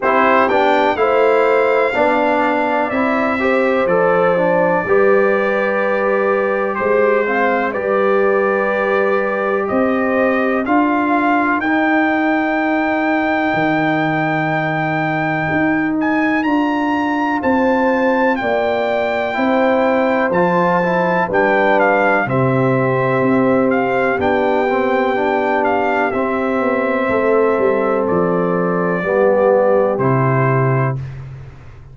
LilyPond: <<
  \new Staff \with { instrumentName = "trumpet" } { \time 4/4 \tempo 4 = 62 c''8 g''8 f''2 e''4 | d''2. c''4 | d''2 dis''4 f''4 | g''1~ |
g''8 gis''8 ais''4 a''4 g''4~ | g''4 a''4 g''8 f''8 e''4~ | e''8 f''8 g''4. f''8 e''4~ | e''4 d''2 c''4 | }
  \new Staff \with { instrumentName = "horn" } { \time 4/4 g'4 c''4 d''4. c''8~ | c''4 b'2 c''8 f''8 | b'2 c''4 ais'4~ | ais'1~ |
ais'2 c''4 d''4 | c''2 b'4 g'4~ | g'1 | a'2 g'2 | }
  \new Staff \with { instrumentName = "trombone" } { \time 4/4 e'8 d'8 e'4 d'4 e'8 g'8 | a'8 d'8 g'2~ g'8 c'8 | g'2. f'4 | dis'1~ |
dis'4 f'2. | e'4 f'8 e'8 d'4 c'4~ | c'4 d'8 c'8 d'4 c'4~ | c'2 b4 e'4 | }
  \new Staff \with { instrumentName = "tuba" } { \time 4/4 c'8 b8 a4 b4 c'4 | f4 g2 gis4 | g2 c'4 d'4 | dis'2 dis2 |
dis'4 d'4 c'4 ais4 | c'4 f4 g4 c4 | c'4 b2 c'8 b8 | a8 g8 f4 g4 c4 | }
>>